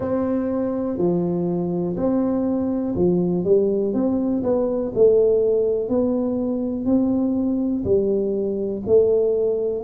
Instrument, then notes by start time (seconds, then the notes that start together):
tuba
0.00 C4
0.97 F3
1.96 C4
2.95 F3
3.44 G3
3.93 C4
4.43 B3
4.94 A3
5.88 B3
6.85 C4
7.84 G3
8.86 A3